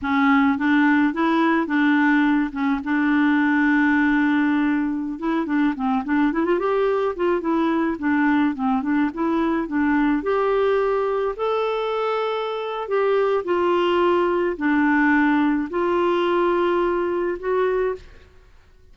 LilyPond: \new Staff \with { instrumentName = "clarinet" } { \time 4/4 \tempo 4 = 107 cis'4 d'4 e'4 d'4~ | d'8 cis'8 d'2.~ | d'4~ d'16 e'8 d'8 c'8 d'8 e'16 f'16 g'16~ | g'8. f'8 e'4 d'4 c'8 d'16~ |
d'16 e'4 d'4 g'4.~ g'16~ | g'16 a'2~ a'8. g'4 | f'2 d'2 | f'2. fis'4 | }